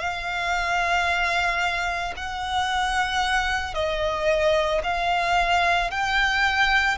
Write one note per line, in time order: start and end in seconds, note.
0.00 2.14 F5
2.17 3.75 F#5
3.75 4.82 D#5
4.84 5.91 F5
5.91 6.98 G5